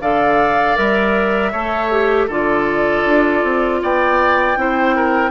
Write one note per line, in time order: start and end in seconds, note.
0.00 0.76 D3
0.00 0.75 A4
0.00 1.51 D5
0.00 0.77 F5
0.75 1.52 G3
0.75 1.51 A#4
0.75 2.28 E5
1.51 2.28 A3
1.51 1.91 A4
1.51 2.27 C#5
1.91 2.29 G4
2.27 3.04 D3
2.27 4.57 F4
2.27 3.79 A4
2.27 3.81 D5
3.05 3.43 D4
3.43 3.81 C4
3.82 4.56 B3
3.82 4.58 D5
3.82 5.30 G5
4.56 5.30 C4
4.56 5.30 E4
4.56 4.95 C5
4.95 5.30 A#4